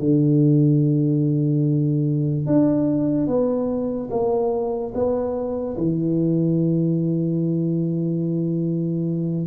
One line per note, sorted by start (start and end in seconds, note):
0.00 2.47 D3
2.47 3.27 D4
3.27 4.09 B3
4.11 4.93 A#3
4.95 5.77 B3
5.78 9.47 E3